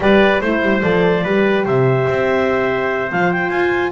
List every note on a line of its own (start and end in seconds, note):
0.00 0.40 G3
0.00 0.42 G4
0.00 0.41 B4
0.00 0.41 D5
0.41 0.61 A3
0.41 0.82 E4
0.41 0.81 C5
0.41 1.23 C5
0.61 0.82 G3
0.81 1.24 F3
0.81 1.23 A4
0.81 1.64 D5
1.23 1.65 G3
1.23 3.11 G4
1.23 1.64 B4
1.65 2.07 C3
1.65 3.92 C5
1.65 3.11 E5
2.09 3.12 C4
3.11 3.50 F3
3.11 3.92 F4
3.11 3.31 F5
3.31 3.49 G5
3.49 3.92 F4
3.49 3.91 G#5